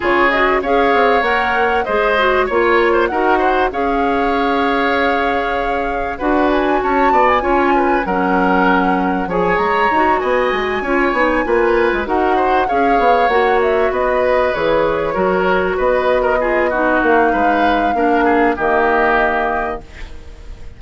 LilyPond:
<<
  \new Staff \with { instrumentName = "flute" } { \time 4/4 \tempo 4 = 97 cis''8 dis''8 f''4 fis''4 dis''4 | cis''4 fis''4 f''2~ | f''2 fis''8 gis''8 a''8. gis''16~ | gis''4 fis''2 gis''8 ais''8~ |
ais''8 gis''2. fis''8~ | fis''8 f''4 fis''8 e''8 dis''4 cis''8~ | cis''4. dis''2 f''8~ | f''2 dis''2 | }
  \new Staff \with { instrumentName = "oboe" } { \time 4/4 gis'4 cis''2 c''4 | cis''8. c''16 ais'8 c''8 cis''2~ | cis''2 b'4 cis''8 d''8 | cis''8 b'8 ais'2 cis''4~ |
cis''8 dis''4 cis''4 b'4 ais'8 | c''8 cis''2 b'4.~ | b'8 ais'4 b'8. ais'16 gis'8 fis'4 | b'4 ais'8 gis'8 g'2 | }
  \new Staff \with { instrumentName = "clarinet" } { \time 4/4 f'8 fis'8 gis'4 ais'4 gis'8 fis'8 | f'4 fis'4 gis'2~ | gis'2 fis'2 | f'4 cis'2 gis'4 |
fis'4. f'8 dis'8 f'4 fis'8~ | fis'8 gis'4 fis'2 gis'8~ | gis'8 fis'2 f'8 dis'4~ | dis'4 d'4 ais2 | }
  \new Staff \with { instrumentName = "bassoon" } { \time 4/4 cis4 cis'8 c'8 ais4 gis4 | ais4 dis'4 cis'2~ | cis'2 d'4 cis'8 b8 | cis'4 fis2 f8 gis8 |
dis'8 b8 gis8 cis'8 b8 ais8. gis16 dis'8~ | dis'8 cis'8 b8 ais4 b4 e8~ | e8 fis4 b2 ais8 | gis4 ais4 dis2 | }
>>